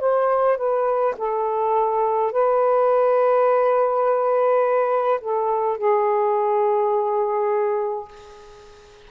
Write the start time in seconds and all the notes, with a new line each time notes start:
0.00 C5
0.57 B4
1.17 A4
2.32 B4
5.21 A4
5.78 G#4